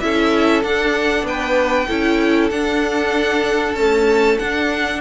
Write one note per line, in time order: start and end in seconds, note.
0.00 0.64 C#4
0.00 0.63 E4
0.00 1.26 A4
0.00 0.62 E5
0.63 1.88 D4
0.63 1.23 D4
0.63 1.26 F#5
1.23 1.86 B3
1.23 1.88 B4
1.23 2.50 G5
1.88 2.51 C#4
1.88 2.51 E4
1.88 5.01 A4
2.50 3.74 D4
2.50 3.77 D4
2.50 3.75 F#5
3.74 4.40 A3
3.74 4.37 C#4
3.74 4.38 A5
4.39 5.01 D4
4.39 5.01 F#5